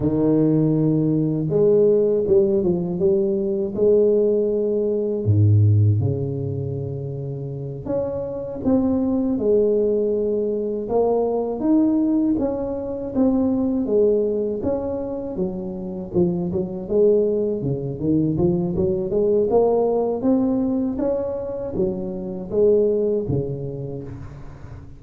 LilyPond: \new Staff \with { instrumentName = "tuba" } { \time 4/4 \tempo 4 = 80 dis2 gis4 g8 f8 | g4 gis2 gis,4 | cis2~ cis8 cis'4 c'8~ | c'8 gis2 ais4 dis'8~ |
dis'8 cis'4 c'4 gis4 cis'8~ | cis'8 fis4 f8 fis8 gis4 cis8 | dis8 f8 fis8 gis8 ais4 c'4 | cis'4 fis4 gis4 cis4 | }